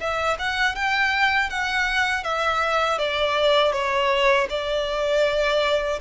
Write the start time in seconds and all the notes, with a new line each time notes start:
0.00 E5
0.39 F#5
0.75 G5
1.50 F#5
2.24 E5
2.99 D5
3.73 C#5
4.50 D5